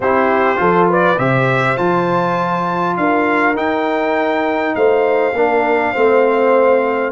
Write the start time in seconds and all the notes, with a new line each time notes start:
0.00 C4 E4 G4 C5
0.56 F3 F4 A4
0.89 B4 D5
1.18 C3 G4 C5 E5
1.76 F3 F4 A5
2.96 D4 A#4 F5
3.55 D#4 G5
4.75 A3 C5 F5
5.33 A#3 D4 A#4
5.92 A3 C4 C5